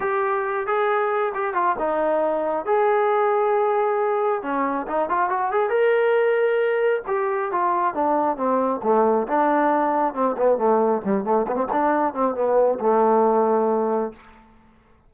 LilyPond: \new Staff \with { instrumentName = "trombone" } { \time 4/4 \tempo 4 = 136 g'4. gis'4. g'8 f'8 | dis'2 gis'2~ | gis'2 cis'4 dis'8 f'8 | fis'8 gis'8 ais'2. |
g'4 f'4 d'4 c'4 | a4 d'2 c'8 b8 | a4 g8 a8 b16 c'16 d'4 c'8 | b4 a2. | }